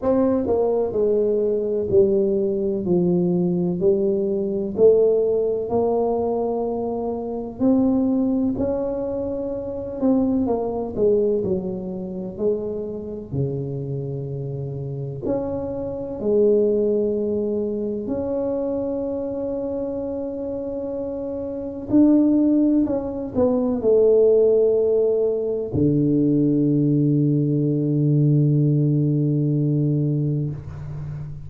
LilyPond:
\new Staff \with { instrumentName = "tuba" } { \time 4/4 \tempo 4 = 63 c'8 ais8 gis4 g4 f4 | g4 a4 ais2 | c'4 cis'4. c'8 ais8 gis8 | fis4 gis4 cis2 |
cis'4 gis2 cis'4~ | cis'2. d'4 | cis'8 b8 a2 d4~ | d1 | }